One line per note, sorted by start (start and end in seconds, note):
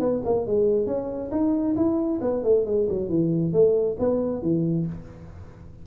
0.00 0.22 B3
0.25 0.47 A#3
0.47 0.87 G#3
0.87 1.31 C#4
1.32 1.76 D#4
1.76 2.20 E4
2.22 2.44 B3
2.44 2.66 A3
2.66 2.88 G#3
2.90 3.09 F#3
3.09 3.53 E3
3.53 3.97 A3
4.00 4.42 B3
4.42 4.86 E3